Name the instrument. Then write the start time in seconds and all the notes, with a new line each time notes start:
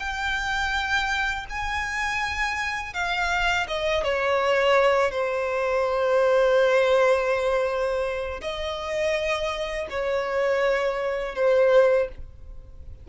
violin
0.00 G5
1.50 G#5
2.94 F5
3.68 D#5
4.04 C#5
5.12 C5
8.42 D#5
9.90 C#5
11.36 C5